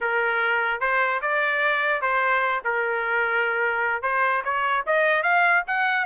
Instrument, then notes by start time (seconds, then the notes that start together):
trumpet
0.00 A#4
0.80 C5
1.21 D5
2.01 C5
2.64 A#4
4.02 C5
4.44 C#5
4.86 D#5
5.23 F5
5.67 F#5